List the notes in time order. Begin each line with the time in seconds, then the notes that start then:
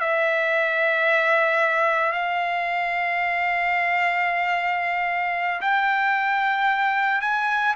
0.00 E5
2.12 F5
5.61 G5
7.21 G#5